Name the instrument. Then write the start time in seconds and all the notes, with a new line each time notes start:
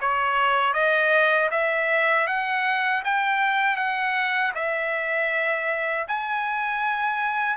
trumpet
0.00 C#5
0.73 D#5
1.51 E5
2.26 F#5
3.04 G5
3.76 F#5
4.55 E5
6.08 G#5